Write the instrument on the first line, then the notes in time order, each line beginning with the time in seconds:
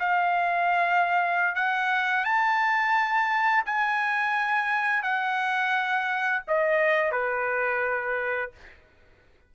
trumpet
0.00 F5
1.56 F#5
2.25 A5
3.66 G#5
5.03 F#5
6.48 D#5
7.12 B4